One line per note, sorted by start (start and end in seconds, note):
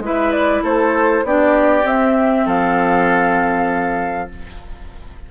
0.00 0.61 G#3
0.00 1.25 E4
0.00 0.63 B4
0.07 0.32 E5
0.32 0.63 D5
0.63 1.24 A3
0.63 1.25 A4
0.63 1.26 C5
1.24 1.84 B3
1.24 1.84 D4
1.24 2.46 G4
1.24 1.87 D5
1.84 2.45 C4
1.84 4.29 C4
1.84 2.48 E5
2.46 4.30 F3
2.46 4.30 A4
2.46 4.31 F5